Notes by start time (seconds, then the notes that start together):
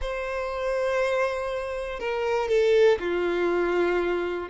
0.01 C5
1.99 A#4
2.48 A4
2.99 F4